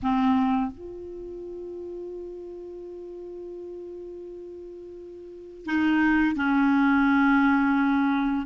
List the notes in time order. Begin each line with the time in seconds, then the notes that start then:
0.02 C4
0.71 F4
5.65 D#4
6.35 C#4